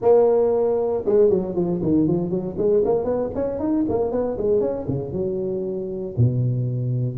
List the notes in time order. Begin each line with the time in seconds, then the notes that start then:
0.01 A#3
1.05 G#3
1.29 F#3
1.55 F3
1.82 D#3
2.07 F3
2.30 F#3
2.57 G#3
2.84 A#3
3.04 B3
3.34 C#4
3.59 D#4
3.88 A#3
4.11 B3
4.37 G#3
4.60 C#4
4.87 C#3
5.12 F#3
6.17 B2